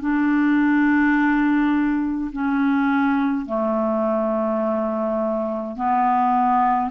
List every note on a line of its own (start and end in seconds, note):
0.00 2.31 D4
2.32 3.46 C#4
3.46 5.76 A3
5.76 6.90 B3